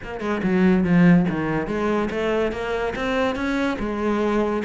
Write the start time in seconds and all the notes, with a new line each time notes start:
0.03 A#3
0.20 G#3
0.43 F#3
0.84 F3
1.29 D#3
1.67 G#3
2.10 A3
2.52 A#3
2.95 C4
3.35 C#4
3.79 G#3